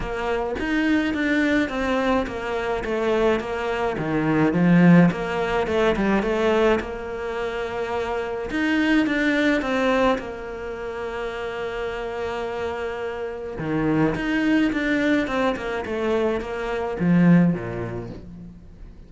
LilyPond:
\new Staff \with { instrumentName = "cello" } { \time 4/4 \tempo 4 = 106 ais4 dis'4 d'4 c'4 | ais4 a4 ais4 dis4 | f4 ais4 a8 g8 a4 | ais2. dis'4 |
d'4 c'4 ais2~ | ais1 | dis4 dis'4 d'4 c'8 ais8 | a4 ais4 f4 ais,4 | }